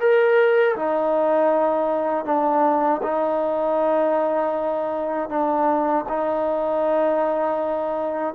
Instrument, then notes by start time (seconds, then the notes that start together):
trombone
0.00 A#4
0.76 D#4
2.25 D4
3.03 D#4
5.30 D4
6.09 D#4